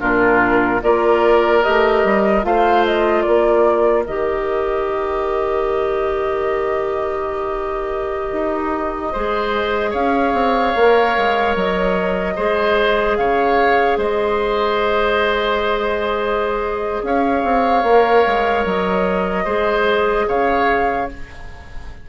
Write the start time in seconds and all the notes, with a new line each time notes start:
0.00 A#2 D4 F4 A#4
0.83 A#3 F4 A#4 D5
1.62 A3 G4 D#5
2.04 G3
2.43 A3 F4 C5 F5
2.86 D#5
3.22 A#3 A#4 D5
4.06 D#3 G4 D#5
8.32 D#4
9.12 G#3 G#4 C5
9.91 C#4 C#5 F5
10.33 C4
10.76 A#3 A#4
11.17 G#3
11.56 F#3 D#5
12.36 G#3 G#4 C5
13.17 C#3 C#5 F5
13.97 G#3 C5 D#5
17.03 C#4 C#5 F5
17.43 C4
17.83 A#3 A#4
18.27 G#3
18.65 F#3 D#5
19.45 G#3 G#4 C5
20.28 C#3 C#5 F5